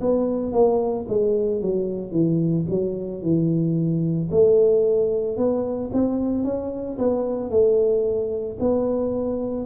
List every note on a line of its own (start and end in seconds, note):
0.00 0.52 B3
0.52 1.06 A#3
1.08 1.61 G#3
1.61 2.11 F#3
2.11 2.64 E3
2.69 3.22 F#3
3.22 4.29 E3
4.31 5.37 A3
5.37 5.90 B3
5.93 6.44 C4
6.44 6.97 C#4
6.97 7.50 B3
7.50 8.57 A3
8.59 9.65 B3